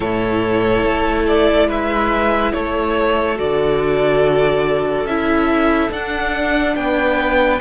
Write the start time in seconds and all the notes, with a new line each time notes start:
0.00 A2 E4 A4 C#5
0.83 A3
1.27 D5
1.67 G#3 B4 E5
2.53 A3 A4 C#5
3.36 D3 F#4 D5
5.04 C#4 E4 E5
5.90 D4 F#5
6.75 B3 B4 G5